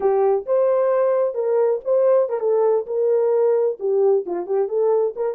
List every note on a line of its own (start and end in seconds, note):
0.00 0.45 G4
0.46 1.34 C5
1.34 1.80 A#4
1.84 2.29 C5
2.29 2.40 A#4
2.40 2.85 A4
2.86 3.78 A#4
3.79 4.25 G4
4.26 4.46 F4
4.46 4.68 G4
4.68 5.14 A4
5.16 5.35 A#4